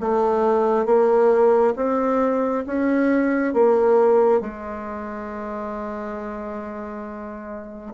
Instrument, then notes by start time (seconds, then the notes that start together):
bassoon
0.00 A3
0.86 A#3
1.76 C4
2.67 C#4
3.54 A#3
4.41 G#3